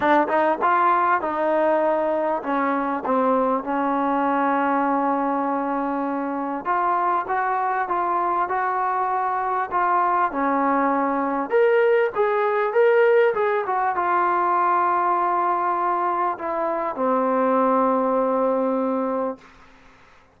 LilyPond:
\new Staff \with { instrumentName = "trombone" } { \time 4/4 \tempo 4 = 99 d'8 dis'8 f'4 dis'2 | cis'4 c'4 cis'2~ | cis'2. f'4 | fis'4 f'4 fis'2 |
f'4 cis'2 ais'4 | gis'4 ais'4 gis'8 fis'8 f'4~ | f'2. e'4 | c'1 | }